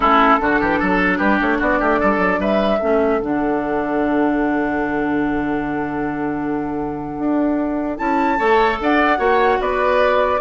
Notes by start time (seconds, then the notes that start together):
0.00 A3 C#4 E4 A4
0.39 D3 D4 F#4
0.60 E3 G4
0.79 F#3 A4
1.18 G3 G4 B4
1.41 A3 C#5
1.59 B3 F#4 D5
1.79 A3 G4
1.99 G3 A4
2.17 F#3
2.38 G3 B4 E5
2.79 A3 C#4 A4
3.20 D3 D4 F#5
7.19 D4
7.97 C#4 E4 A5
8.38 A3 A4 C#5
8.80 D4 D5 F#5
9.17 A#3 F#4 C#5
9.59 B3 B4 D5